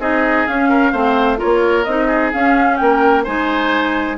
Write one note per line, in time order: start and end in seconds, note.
0.00 0.47 C4
0.00 0.47 D#4
0.00 0.70 G#4
0.00 0.47 D#5
0.47 0.93 C#4
0.47 1.40 F5
0.70 0.92 A#4
0.92 1.40 A3
0.92 1.37 C4
0.92 1.39 C5
1.37 1.84 F4
1.37 2.08 A#4
1.37 1.84 C#5
1.45 1.86 A#3
1.84 2.33 C4
1.84 2.33 D#4
1.84 2.31 D#5
2.08 2.77 G#4
2.33 3.26 C#4
2.33 2.81 C#4
2.33 2.77 F5
2.77 3.27 A#3
2.77 3.24 A#4
2.77 3.23 G5
3.24 4.18 G#3
3.24 4.18 D#4
3.24 4.17 C5
3.24 4.18 G#5